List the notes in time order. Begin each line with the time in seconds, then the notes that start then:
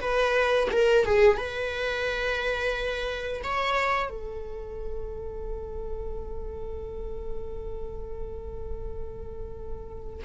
0.00 B4
0.71 A#4
1.05 G#4
1.37 B4
3.43 C#5
4.09 A4